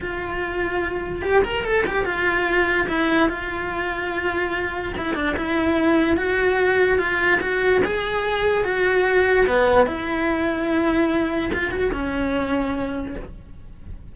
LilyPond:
\new Staff \with { instrumentName = "cello" } { \time 4/4 \tempo 4 = 146 f'2. g'8 ais'8 | a'8 g'8 f'2 e'4 | f'1 | e'8 d'8 e'2 fis'4~ |
fis'4 f'4 fis'4 gis'4~ | gis'4 fis'2 b4 | e'1 | f'8 fis'8 cis'2. | }